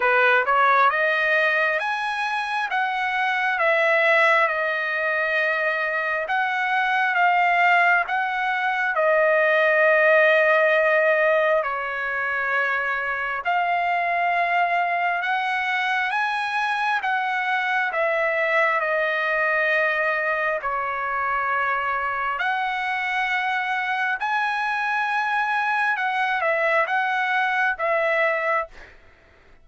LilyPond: \new Staff \with { instrumentName = "trumpet" } { \time 4/4 \tempo 4 = 67 b'8 cis''8 dis''4 gis''4 fis''4 | e''4 dis''2 fis''4 | f''4 fis''4 dis''2~ | dis''4 cis''2 f''4~ |
f''4 fis''4 gis''4 fis''4 | e''4 dis''2 cis''4~ | cis''4 fis''2 gis''4~ | gis''4 fis''8 e''8 fis''4 e''4 | }